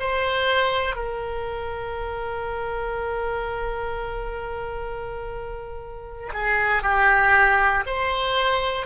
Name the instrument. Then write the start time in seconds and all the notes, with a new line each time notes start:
oboe
0.00 C5
0.96 A#4
6.33 G#4
6.82 G4
7.86 C5